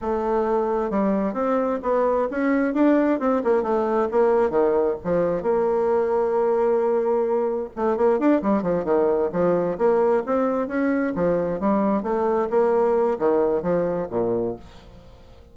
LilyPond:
\new Staff \with { instrumentName = "bassoon" } { \time 4/4 \tempo 4 = 132 a2 g4 c'4 | b4 cis'4 d'4 c'8 ais8 | a4 ais4 dis4 f4 | ais1~ |
ais4 a8 ais8 d'8 g8 f8 dis8~ | dis8 f4 ais4 c'4 cis'8~ | cis'8 f4 g4 a4 ais8~ | ais4 dis4 f4 ais,4 | }